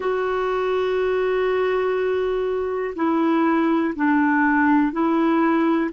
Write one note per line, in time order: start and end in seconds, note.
0.00 2.94 F#4
2.95 3.93 E4
3.95 4.92 D4
4.92 5.90 E4